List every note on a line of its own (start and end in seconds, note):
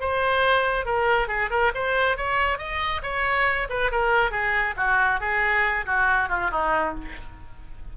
0.00 0.85 C5
0.85 1.28 A#4
1.28 1.49 G#4
1.50 1.72 A#4
1.75 2.17 C5
2.17 2.58 C#5
2.58 3.01 D#5
3.02 3.67 C#5
3.69 3.91 B4
3.91 4.31 A#4
4.31 4.74 G#4
4.76 5.20 F#4
5.20 5.85 G#4
5.86 6.29 F#4
6.29 6.50 F4
6.51 6.94 D#4